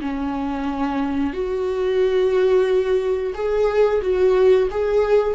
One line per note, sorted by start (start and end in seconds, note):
0.00 1.33 C#4
1.33 3.33 F#4
3.34 4.01 G#4
4.01 4.68 F#4
4.71 5.35 G#4